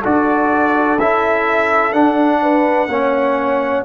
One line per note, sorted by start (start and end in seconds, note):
0.00 0.98 D4
0.00 0.99 F#4
0.00 2.38 A4
0.00 0.99 D5
0.98 1.93 C#4
0.98 1.93 E4
0.98 1.93 E5
1.93 2.87 D4
1.93 2.88 D4
1.93 3.83 F#5
2.42 2.89 B4
2.87 3.83 A#3
2.87 3.85 C#4
2.87 3.85 C#5